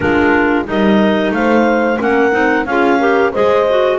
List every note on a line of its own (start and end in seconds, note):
0.00 0.68 G#3
0.00 0.64 D4
0.00 0.68 F4
0.00 0.65 A#4
0.64 1.31 G3
0.64 1.98 D#4
0.64 1.34 A#4
0.64 1.33 D#5
1.31 1.97 A3
1.31 1.99 C5
1.31 2.00 F5
1.98 2.32 A#3
1.98 2.31 C#4
1.98 2.66 A#4
1.98 2.65 F#5
2.31 2.65 C4
2.31 2.65 D#4
2.65 3.32 C#4
2.65 2.99 F4
2.65 2.99 G#4
2.65 3.32 F5
2.99 3.32 G4
2.99 3.31 A#4
3.31 3.98 G#3
3.31 3.66 G#4
3.31 3.98 C5
3.31 3.98 D#5
3.69 3.98 F#4